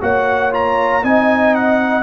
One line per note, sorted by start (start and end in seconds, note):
0.00 1.03 A#3
0.00 0.51 F#4
0.00 1.03 C#5
0.00 0.53 F#5
0.51 1.02 F4
0.51 1.04 A#5
1.02 2.03 C4
1.02 2.03 D#4
1.02 2.03 D#5
1.02 1.54 G#5
1.54 2.03 F#5